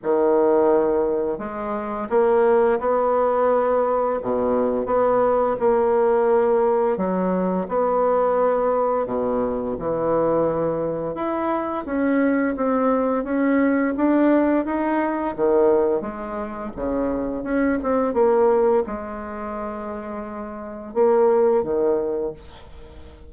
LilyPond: \new Staff \with { instrumentName = "bassoon" } { \time 4/4 \tempo 4 = 86 dis2 gis4 ais4 | b2 b,4 b4 | ais2 fis4 b4~ | b4 b,4 e2 |
e'4 cis'4 c'4 cis'4 | d'4 dis'4 dis4 gis4 | cis4 cis'8 c'8 ais4 gis4~ | gis2 ais4 dis4 | }